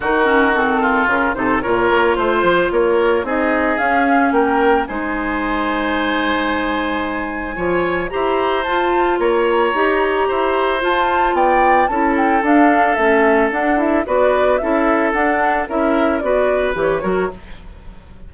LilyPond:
<<
  \new Staff \with { instrumentName = "flute" } { \time 4/4 \tempo 4 = 111 ais'4 a'4 ais'8 c''8 cis''4 | c''4 cis''4 dis''4 f''4 | g''4 gis''2.~ | gis''2. ais''4 |
a''4 ais''2. | a''4 g''4 a''8 g''8 f''4 | e''4 fis''8 e''8 d''4 e''4 | fis''4 e''4 d''4 cis''4 | }
  \new Staff \with { instrumentName = "oboe" } { \time 4/4 fis'4. f'4 a'8 ais'4 | c''4 ais'4 gis'2 | ais'4 c''2.~ | c''2 cis''4 c''4~ |
c''4 cis''2 c''4~ | c''4 d''4 a'2~ | a'2 b'4 a'4~ | a'4 ais'4 b'4. ais'8 | }
  \new Staff \with { instrumentName = "clarinet" } { \time 4/4 dis'8 cis'8 c'4 cis'8 dis'8 f'4~ | f'2 dis'4 cis'4~ | cis'4 dis'2.~ | dis'2 f'4 g'4 |
f'2 g'2 | f'2 e'4 d'4 | cis'4 d'8 e'8 fis'4 e'4 | d'4 e'4 fis'4 g'8 fis'8 | }
  \new Staff \with { instrumentName = "bassoon" } { \time 4/4 dis2 cis8 c8 ais,8 ais8 | a8 f8 ais4 c'4 cis'4 | ais4 gis2.~ | gis2 f4 e'4 |
f'4 ais4 dis'4 e'4 | f'4 b4 cis'4 d'4 | a4 d'4 b4 cis'4 | d'4 cis'4 b4 e8 fis8 | }
>>